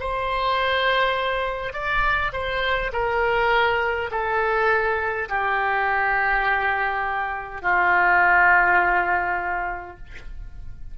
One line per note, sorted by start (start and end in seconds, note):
0.00 1.73 C5
1.73 2.32 D5
2.33 2.92 C5
2.93 4.11 A#4
4.11 5.29 A4
5.29 7.62 G4
7.62 9.97 F4